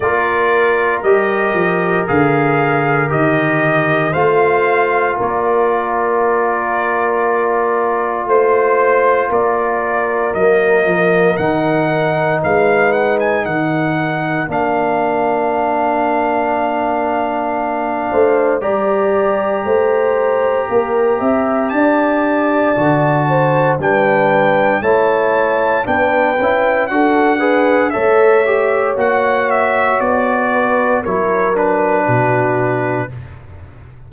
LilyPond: <<
  \new Staff \with { instrumentName = "trumpet" } { \time 4/4 \tempo 4 = 58 d''4 dis''4 f''4 dis''4 | f''4 d''2. | c''4 d''4 dis''4 fis''4 | f''8 fis''16 gis''16 fis''4 f''2~ |
f''2 ais''2~ | ais''4 a''2 g''4 | a''4 g''4 fis''4 e''4 | fis''8 e''8 d''4 cis''8 b'4. | }
  \new Staff \with { instrumentName = "horn" } { \time 4/4 ais'1 | c''4 ais'2. | c''4 ais'2. | b'4 ais'2.~ |
ais'4. c''8 d''4 c''4 | ais'8 e''8 d''4. c''8 b'4 | cis''4 b'4 a'8 b'8 cis''4~ | cis''4. b'8 ais'4 fis'4 | }
  \new Staff \with { instrumentName = "trombone" } { \time 4/4 f'4 g'4 gis'4 g'4 | f'1~ | f'2 ais4 dis'4~ | dis'2 d'2~ |
d'2 g'2~ | g'2 fis'4 d'4 | e'4 d'8 e'8 fis'8 gis'8 a'8 g'8 | fis'2 e'8 d'4. | }
  \new Staff \with { instrumentName = "tuba" } { \time 4/4 ais4 g8 f8 d4 dis4 | a4 ais2. | a4 ais4 fis8 f8 dis4 | gis4 dis4 ais2~ |
ais4. a8 g4 a4 | ais8 c'8 d'4 d4 g4 | a4 b8 cis'8 d'4 a4 | ais4 b4 fis4 b,4 | }
>>